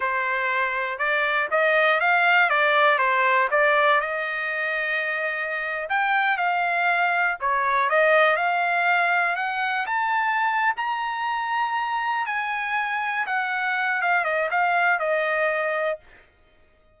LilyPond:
\new Staff \with { instrumentName = "trumpet" } { \time 4/4 \tempo 4 = 120 c''2 d''4 dis''4 | f''4 d''4 c''4 d''4 | dis''2.~ dis''8. g''16~ | g''8. f''2 cis''4 dis''16~ |
dis''8. f''2 fis''4 a''16~ | a''4. ais''2~ ais''8~ | ais''8 gis''2 fis''4. | f''8 dis''8 f''4 dis''2 | }